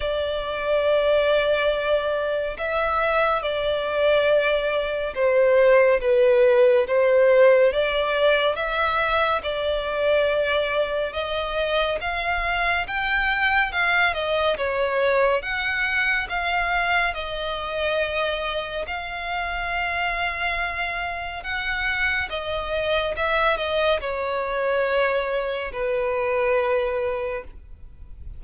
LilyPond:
\new Staff \with { instrumentName = "violin" } { \time 4/4 \tempo 4 = 70 d''2. e''4 | d''2 c''4 b'4 | c''4 d''4 e''4 d''4~ | d''4 dis''4 f''4 g''4 |
f''8 dis''8 cis''4 fis''4 f''4 | dis''2 f''2~ | f''4 fis''4 dis''4 e''8 dis''8 | cis''2 b'2 | }